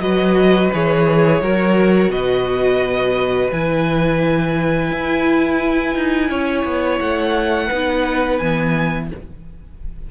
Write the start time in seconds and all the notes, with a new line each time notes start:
0.00 F#3 F#4 B4 D#5
0.73 E3 G#4 C#5
1.42 F#3 F#4 A#4
2.09 B2 B4 D#5
3.52 E3 E4 G#5
4.91 E4
5.95 D#4
6.30 C#4 C#5
6.65 B3
7.00 A3 F#5
7.67 B3 D#4 B4
8.38 E3 B3 G#5